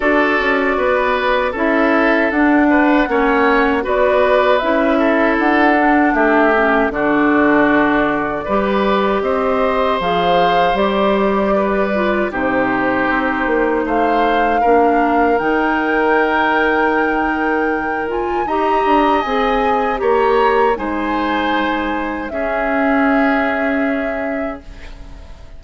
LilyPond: <<
  \new Staff \with { instrumentName = "flute" } { \time 4/4 \tempo 4 = 78 d''2 e''4 fis''4~ | fis''4 d''4 e''4 fis''4 | e''4 d''2. | dis''4 f''4 d''2 |
c''2 f''2 | g''2.~ g''8 gis''8 | ais''4 gis''4 ais''4 gis''4~ | gis''4 e''2. | }
  \new Staff \with { instrumentName = "oboe" } { \time 4/4 a'4 b'4 a'4. b'8 | cis''4 b'4. a'4. | g'4 fis'2 b'4 | c''2. b'4 |
g'2 c''4 ais'4~ | ais'1 | dis''2 cis''4 c''4~ | c''4 gis'2. | }
  \new Staff \with { instrumentName = "clarinet" } { \time 4/4 fis'2 e'4 d'4 | cis'4 fis'4 e'4. d'8~ | d'8 cis'8 d'2 g'4~ | g'4 gis'4 g'4. f'8 |
dis'2. d'4 | dis'2.~ dis'8 f'8 | g'4 gis'4 g'4 dis'4~ | dis'4 cis'2. | }
  \new Staff \with { instrumentName = "bassoon" } { \time 4/4 d'8 cis'8 b4 cis'4 d'4 | ais4 b4 cis'4 d'4 | a4 d2 g4 | c'4 f4 g2 |
c4 c'8 ais8 a4 ais4 | dis1 | dis'8 d'8 c'4 ais4 gis4~ | gis4 cis'2. | }
>>